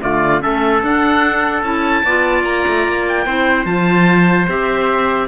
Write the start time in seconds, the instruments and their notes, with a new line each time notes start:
0.00 cello D3, clarinet A3, trumpet F4, oboe D5
0.40 cello A3, clarinet C#4, trumpet A4, oboe E5
0.82 cello D4, clarinet D4, oboe F#5
1.62 cello C#4, clarinet E4, oboe A5
2.03 cello B3, clarinet F4, trumpet D5
2.43 cello A#3, oboe A#5
2.67 cello A3
2.87 cello A#3
3.08 oboe G5
3.26 cello C4, clarinet E4, trumpet C5
3.65 cello F3, clarinet F4, oboe A5
4.48 cello C4, clarinet G4, oboe E5